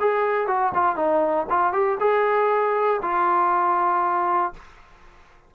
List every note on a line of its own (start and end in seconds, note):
0.00 0.47 G#4
0.47 0.72 F#4
0.74 0.96 F4
0.96 1.46 D#4
1.49 1.73 F4
1.73 1.98 G4
2.00 3.01 G#4
3.02 4.53 F4